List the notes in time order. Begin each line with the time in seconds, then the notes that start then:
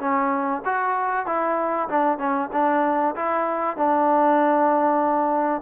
0.00 C#4
0.65 F#4
1.26 E4
1.89 D4
2.18 C#4
2.53 D4
3.16 E4
3.78 D4